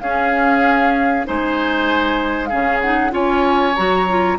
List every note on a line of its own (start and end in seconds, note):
0.00 1.24 C#4
0.00 1.25 C#4
0.00 1.27 G#4
0.00 1.25 F5
1.24 2.52 G#3
1.24 2.49 D#4
1.24 2.49 C5
1.24 2.46 G#5
2.46 2.82 C#4
2.46 3.11 G#4
2.46 2.77 F5
2.52 3.13 C#3
2.80 3.10 D#4
2.80 3.12 F#5
3.10 3.75 C#4
3.10 3.73 F4
3.10 4.38 C#5
3.10 3.76 G#5
3.76 4.38 F#3
3.76 4.08 F#4
3.76 4.38 A#5
4.09 4.38 F4